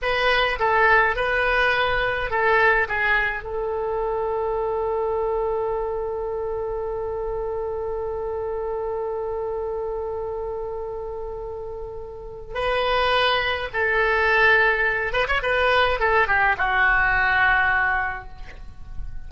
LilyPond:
\new Staff \with { instrumentName = "oboe" } { \time 4/4 \tempo 4 = 105 b'4 a'4 b'2 | a'4 gis'4 a'2~ | a'1~ | a'1~ |
a'1~ | a'2 b'2 | a'2~ a'8 b'16 cis''16 b'4 | a'8 g'8 fis'2. | }